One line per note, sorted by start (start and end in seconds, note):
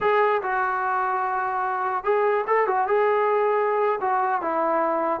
0.00 0.41 G#4
0.42 2.04 F#4
2.04 2.45 G#4
2.47 2.67 A4
2.67 2.87 F#4
2.87 3.99 G#4
4.00 4.41 F#4
4.41 5.20 E4